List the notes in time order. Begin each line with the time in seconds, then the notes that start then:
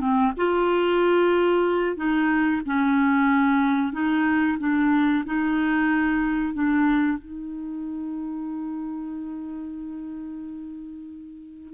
0.00 C4
0.37 F4
1.96 D#4
2.66 C#4
3.92 D#4
4.59 D4
5.26 D#4
6.54 D4
7.18 D#4